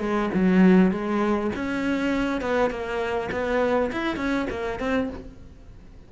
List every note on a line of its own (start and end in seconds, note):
0.00 0.29 G#3
0.34 0.91 F#3
0.91 1.51 G#3
1.55 2.41 C#4
2.41 2.70 B3
2.70 3.29 A#3
3.31 3.91 B3
3.92 4.16 E4
4.16 4.46 C#4
4.50 4.80 A#3
4.80 5.09 C4